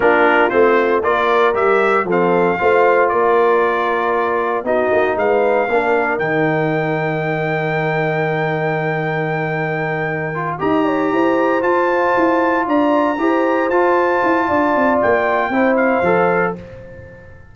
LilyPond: <<
  \new Staff \with { instrumentName = "trumpet" } { \time 4/4 \tempo 4 = 116 ais'4 c''4 d''4 e''4 | f''2 d''2~ | d''4 dis''4 f''2 | g''1~ |
g''1~ | g''8 ais''2 a''4.~ | a''8 ais''2 a''4.~ | a''4 g''4. f''4. | }
  \new Staff \with { instrumentName = "horn" } { \time 4/4 f'2 ais'2 | a'4 c''4 ais'2~ | ais'4 fis'4 b'4 ais'4~ | ais'1~ |
ais'1~ | ais'8 dis''8 cis''8 c''2~ c''8~ | c''8 d''4 c''2~ c''8 | d''2 c''2 | }
  \new Staff \with { instrumentName = "trombone" } { \time 4/4 d'4 c'4 f'4 g'4 | c'4 f'2.~ | f'4 dis'2 d'4 | dis'1~ |
dis'1 | f'8 g'2 f'4.~ | f'4. g'4 f'4.~ | f'2 e'4 a'4 | }
  \new Staff \with { instrumentName = "tuba" } { \time 4/4 ais4 a4 ais4 g4 | f4 a4 ais2~ | ais4 b8 ais8 gis4 ais4 | dis1~ |
dis1~ | dis8 dis'4 e'4 f'4 e'8~ | e'8 d'4 e'4 f'4 e'8 | d'8 c'8 ais4 c'4 f4 | }
>>